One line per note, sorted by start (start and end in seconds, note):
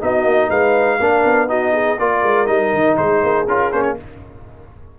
0.00 0.24 B3
0.00 0.99 D#4
0.00 0.49 F#4
0.00 0.50 D#5
0.24 0.48 A#3
0.49 0.99 G#3
0.49 0.98 B4
0.49 1.49 F5
1.00 1.24 A#3
1.00 1.47 D4
1.00 1.49 A#4
1.24 1.98 B3
1.47 1.97 D#4
1.47 1.73 F#4
1.47 1.98 D#5
1.73 1.97 G#4
1.98 2.23 A#3
1.98 2.46 F4
1.98 2.98 A#4
1.98 2.46 D5
2.23 2.47 G#3
2.46 2.72 G3
2.46 3.45 D#4
2.46 2.96 D#5
2.73 2.97 D#3
2.96 3.22 G#3
2.96 3.99 G#4
2.96 3.46 C5
3.23 3.47 A#3
3.47 3.72 C#4
3.47 3.72 F4
3.47 3.72 A#4
3.72 3.97 A#3
3.72 3.97 C#4
3.72 3.82 C5
3.82 3.95 C#5